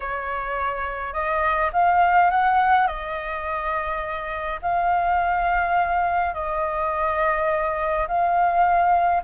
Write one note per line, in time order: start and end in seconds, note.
0.00 1.12 C#5
1.12 1.70 D#5
1.72 2.30 F5
2.30 2.87 F#5
2.87 4.60 D#5
4.62 6.34 F5
6.34 8.07 D#5
8.07 9.23 F5